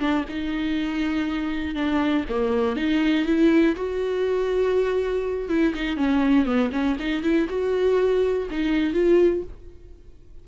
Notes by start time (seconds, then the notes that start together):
0.00 D4
0.29 D#4
1.75 D4
2.29 A#3
2.76 D#4
3.26 E4
3.76 F#4
5.49 E4
5.75 D#4
5.97 C#4
6.45 B3
6.72 C#4
7.00 D#4
7.23 E4
7.49 F#4
8.50 D#4
8.94 F4